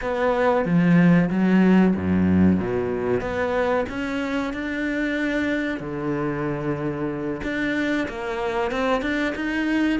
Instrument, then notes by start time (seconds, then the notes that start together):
cello
0.01 B3
0.65 F3
1.29 F#3
1.96 F#2
2.60 B2
3.21 B3
3.89 C#4
4.53 D4
5.80 D3
7.43 D4
8.08 A#3
8.71 C4
9.01 D4
9.35 D#4